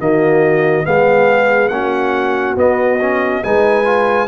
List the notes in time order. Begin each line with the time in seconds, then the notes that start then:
0.00 D#3 A#3 F#4 D#5
0.85 G#3 B3 G#4 F5
1.69 A#3 C#4 F#4 F#5
2.57 B3 D#5
3.01 C#4
3.43 G#3 D#4 B4 G#5
3.85 F4